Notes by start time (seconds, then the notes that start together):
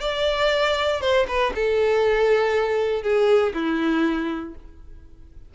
0.00 D5
1.01 C5
1.28 B4
1.55 A4
3.03 G#4
3.54 E4